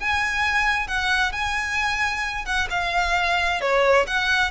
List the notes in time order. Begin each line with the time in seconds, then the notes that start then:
0.00 G#5
0.87 F#5
1.32 G#5
2.45 F#5
2.70 F5
3.61 C#5
4.07 F#5